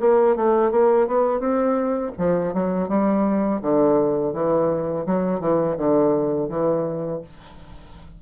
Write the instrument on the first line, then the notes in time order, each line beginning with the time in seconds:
bassoon
0.00 A#3
0.36 A3
0.71 A#3
1.07 B3
1.39 C4
2.18 F3
2.53 F#3
2.88 G3
3.62 D3
4.33 E3
5.06 F#3
5.40 E3
5.77 D3
6.49 E3